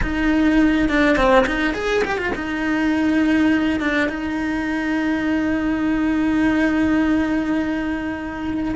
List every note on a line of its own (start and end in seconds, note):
0.02 0.88 D#4
0.88 1.16 D4
1.16 1.45 C4
1.46 1.74 D#4
1.74 2.03 G#4
2.04 2.17 G4
2.17 2.32 F4
2.35 3.80 D#4
3.80 4.08 D4
4.08 8.74 D#4